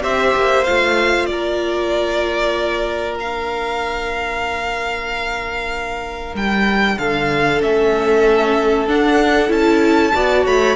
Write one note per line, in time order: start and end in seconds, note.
0.00 0.35 C4
0.00 0.63 G4
0.00 1.28 C5
0.00 0.64 E5
0.35 0.66 A#3
0.64 1.29 A3
0.64 3.19 F4
0.64 1.25 F5
1.25 6.34 A#3
1.25 6.98 A#4
1.25 3.15 D5
3.19 7.60 D4
3.19 6.35 F5
6.34 6.97 G3
6.34 6.98 G5
6.98 7.61 D3
6.98 10.14 A4
6.98 7.61 F5
7.60 8.87 A3
7.60 8.86 C#4
7.60 8.88 E5
8.87 9.47 D4
8.87 9.49 D4
8.87 9.51 F#5
9.47 10.12 C#4
9.47 10.10 E4
9.47 10.46 A5
10.12 10.46 B3
10.12 10.75 F#4
10.12 10.45 D5
10.45 10.75 A3
10.45 10.75 C#5
10.45 10.75 B5